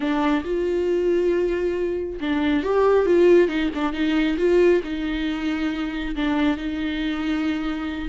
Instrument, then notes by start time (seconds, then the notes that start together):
viola
0.00 D4
0.44 F4
2.20 D4
2.63 G4
3.06 F4
3.48 D#4
3.74 D4
3.93 D#4
4.37 F4
4.83 D#4
6.15 D4
6.57 D#4